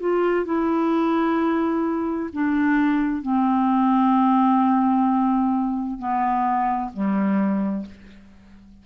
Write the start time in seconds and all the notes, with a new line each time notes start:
0.00 F4
0.46 E4
2.33 D4
3.23 C4
5.99 B3
6.94 G3